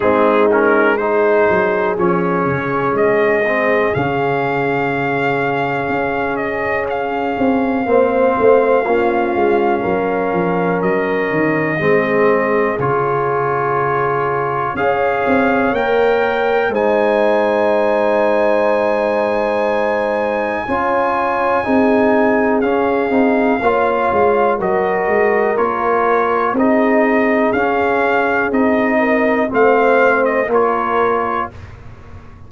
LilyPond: <<
  \new Staff \with { instrumentName = "trumpet" } { \time 4/4 \tempo 4 = 61 gis'8 ais'8 c''4 cis''4 dis''4 | f''2~ f''8 dis''8 f''4~ | f''2. dis''4~ | dis''4 cis''2 f''4 |
g''4 gis''2.~ | gis''2. f''4~ | f''4 dis''4 cis''4 dis''4 | f''4 dis''4 f''8. dis''16 cis''4 | }
  \new Staff \with { instrumentName = "horn" } { \time 4/4 dis'4 gis'2.~ | gis'1 | c''4 f'4 ais'2 | gis'2. cis''4~ |
cis''4 c''2.~ | c''4 cis''4 gis'2 | cis''4 ais'2 gis'4~ | gis'4. ais'8 c''4 ais'4 | }
  \new Staff \with { instrumentName = "trombone" } { \time 4/4 c'8 cis'8 dis'4 cis'4. c'8 | cis'1 | c'4 cis'2. | c'4 f'2 gis'4 |
ais'4 dis'2.~ | dis'4 f'4 dis'4 cis'8 dis'8 | f'4 fis'4 f'4 dis'4 | cis'4 dis'4 c'4 f'4 | }
  \new Staff \with { instrumentName = "tuba" } { \time 4/4 gis4. fis8 f8 cis8 gis4 | cis2 cis'4. c'8 | ais8 a8 ais8 gis8 fis8 f8 fis8 dis8 | gis4 cis2 cis'8 c'8 |
ais4 gis2.~ | gis4 cis'4 c'4 cis'8 c'8 | ais8 gis8 fis8 gis8 ais4 c'4 | cis'4 c'4 a4 ais4 | }
>>